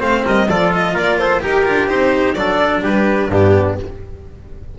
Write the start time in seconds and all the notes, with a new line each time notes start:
0.00 A3 C4 C5 F5
0.25 G3 A#4 D#5
0.50 F3 F4 A4 D5
0.74 D#5
0.94 A#3 A#4 D5
1.19 A4 C5
1.41 D#4 G4 A#4
1.65 D4 F4
1.88 C4 D#4 C5
2.35 F#3 D4 A4 D5
2.83 G3 G4 B4
3.29 G2 B3 D4 G4